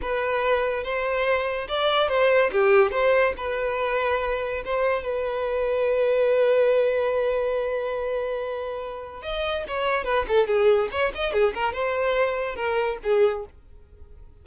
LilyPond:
\new Staff \with { instrumentName = "violin" } { \time 4/4 \tempo 4 = 143 b'2 c''2 | d''4 c''4 g'4 c''4 | b'2. c''4 | b'1~ |
b'1~ | b'2 dis''4 cis''4 | b'8 a'8 gis'4 cis''8 dis''8 gis'8 ais'8 | c''2 ais'4 gis'4 | }